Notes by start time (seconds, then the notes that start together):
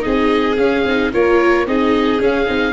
0.00 C4 D#4 G#4 D#5
0.57 C#4 F5
0.85 C4 D#4
1.13 A#3 F4 A#4 C#5
1.66 C4 D#4 G#4 D#5
2.18 C#4 F5
2.47 C4 D#4